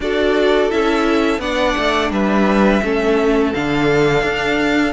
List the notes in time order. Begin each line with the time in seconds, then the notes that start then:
0.00 D4 F#4 A4 D5
0.69 C#4 E4 E5
1.38 B3 D4 D5 F#5
1.77 A3
2.10 G3 B4 E5
2.82 A3 C#4 A4
3.53 D3 D4 F5
4.23 D4